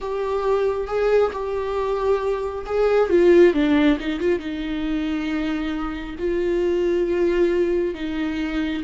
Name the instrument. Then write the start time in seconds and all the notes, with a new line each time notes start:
viola
0.00 G4
0.87 G#4
1.32 G4
2.66 G#4
3.09 F4
3.53 D4
3.99 D#4
4.19 F4
4.39 D#4
6.18 F4
7.94 D#4